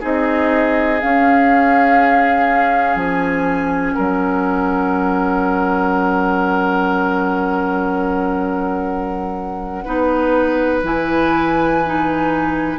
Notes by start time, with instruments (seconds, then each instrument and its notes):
0.00 bassoon C4, clarinet D#4, oboe G#4, flute D#5
1.00 clarinet C#4, bassoon C#4, flute F5
2.95 bassoon F3, flute G#5
3.94 bassoon F#3, oboe A#4, flute F#5
9.84 bassoon B3, clarinet D#4, oboe B4
10.83 bassoon E3, clarinet E4, flute G#5
11.86 clarinet D#4